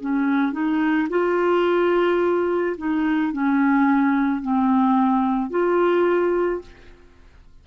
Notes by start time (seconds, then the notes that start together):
0.00 C#4
0.52 D#4
1.09 F4
2.77 D#4
3.32 C#4
4.41 C4
5.50 F4